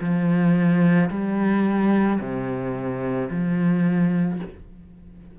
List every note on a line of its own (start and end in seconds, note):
0.00 1.09 F3
1.10 2.19 G3
2.19 3.28 C3
3.30 4.39 F3